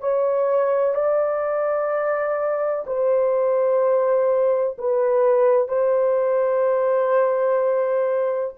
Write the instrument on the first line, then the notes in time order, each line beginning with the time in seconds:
horn
0.00 C#5
0.94 D5
2.86 C5
4.78 B4
5.68 C5